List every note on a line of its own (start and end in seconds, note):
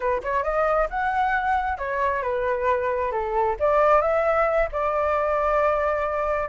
0.00 0.21 B4
0.22 0.43 C#5
0.43 0.88 D#5
0.90 1.78 F#5
1.78 2.22 C#5
2.22 3.11 B4
3.11 3.56 A4
3.59 4.01 D5
4.01 4.68 E5
4.72 6.49 D5